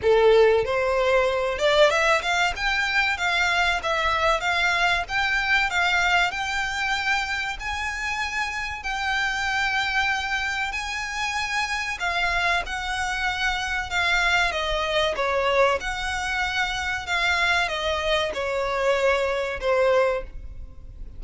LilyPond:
\new Staff \with { instrumentName = "violin" } { \time 4/4 \tempo 4 = 95 a'4 c''4. d''8 e''8 f''8 | g''4 f''4 e''4 f''4 | g''4 f''4 g''2 | gis''2 g''2~ |
g''4 gis''2 f''4 | fis''2 f''4 dis''4 | cis''4 fis''2 f''4 | dis''4 cis''2 c''4 | }